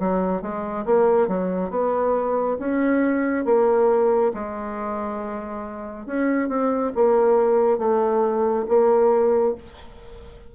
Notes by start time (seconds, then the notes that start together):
0.00 F#3
0.42 G#3
0.86 A#3
1.28 F#3
1.71 B3
2.60 C#4
3.46 A#3
4.34 G#3
6.07 C#4
6.49 C4
6.96 A#3
7.79 A3
8.69 A#3